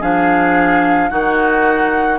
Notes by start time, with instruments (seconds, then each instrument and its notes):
0.00 bassoon F3, clarinet D4, oboe G#4, flute F5
1.10 bassoon D#3, clarinet D#4, oboe F#4, flute F#5